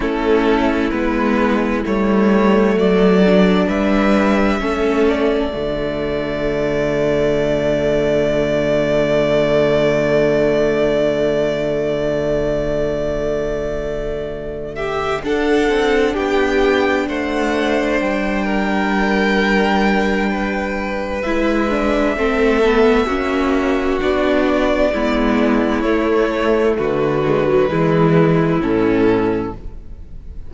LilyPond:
<<
  \new Staff \with { instrumentName = "violin" } { \time 4/4 \tempo 4 = 65 a'4 b'4 cis''4 d''4 | e''4. d''2~ d''8~ | d''1~ | d''1 |
e''8 fis''4 g''4 fis''4 g''8~ | g''2. e''4~ | e''2 d''2 | cis''4 b'2 a'4 | }
  \new Staff \with { instrumentName = "violin" } { \time 4/4 e'2. a'4 | b'4 a'4 fis'2~ | fis'1~ | fis'1 |
g'8 a'4 g'4 c''4. | ais'2 b'2 | a'4 fis'2 e'4~ | e'4 fis'4 e'2 | }
  \new Staff \with { instrumentName = "viola" } { \time 4/4 cis'4 b4 a4. d'8~ | d'4 cis'4 a2~ | a1~ | a1~ |
a8 d'2.~ d'8~ | d'2. e'8 d'8 | c'8 b8 cis'4 d'4 b4 | a4. gis16 fis16 gis4 cis'4 | }
  \new Staff \with { instrumentName = "cello" } { \time 4/4 a4 gis4 g4 fis4 | g4 a4 d2~ | d1~ | d1~ |
d8 d'8 c'8 b4 a4 g8~ | g2. gis4 | a4 ais4 b4 gis4 | a4 d4 e4 a,4 | }
>>